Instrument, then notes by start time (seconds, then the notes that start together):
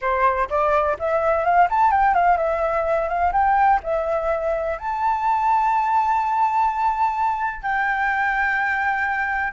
flute
0.01 C5
0.49 D5
0.99 E5
1.44 F5
1.70 A5
1.91 G5
2.14 F5
2.37 E5
3.08 F5
3.32 G5
3.83 E5
4.78 A5
7.62 G5